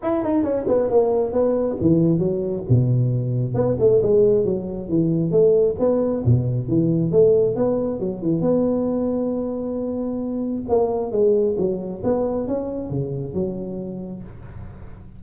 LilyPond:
\new Staff \with { instrumentName = "tuba" } { \time 4/4 \tempo 4 = 135 e'8 dis'8 cis'8 b8 ais4 b4 | e4 fis4 b,2 | b8 a8 gis4 fis4 e4 | a4 b4 b,4 e4 |
a4 b4 fis8 e8 b4~ | b1 | ais4 gis4 fis4 b4 | cis'4 cis4 fis2 | }